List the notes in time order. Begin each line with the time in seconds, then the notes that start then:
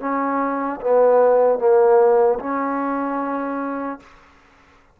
0.00 C#4
0.81 B3
1.59 A#3
2.39 C#4